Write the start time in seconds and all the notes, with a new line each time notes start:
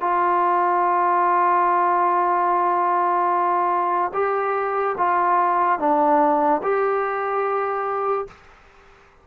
0.00 F4
4.13 G4
4.97 F4
5.79 D4
6.62 G4